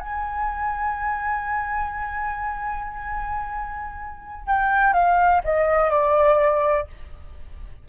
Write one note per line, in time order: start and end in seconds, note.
0.00 4.47 G#5
4.47 4.93 G5
4.93 5.41 F5
5.44 5.91 D#5
5.91 6.87 D5